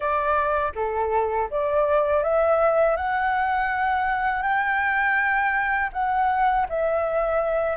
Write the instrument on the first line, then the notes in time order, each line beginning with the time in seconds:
flute
0.00 D5
0.75 A4
1.50 D5
2.23 E5
2.96 F#5
4.42 G5
5.92 F#5
6.69 E5